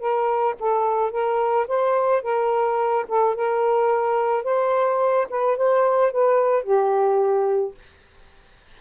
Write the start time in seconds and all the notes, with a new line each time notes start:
0.00 A#4
0.60 A4
1.11 A#4
1.68 C5
2.22 A#4
3.09 A4
3.36 A#4
4.44 C5
5.30 B4
5.57 C5
6.12 B4
6.64 G4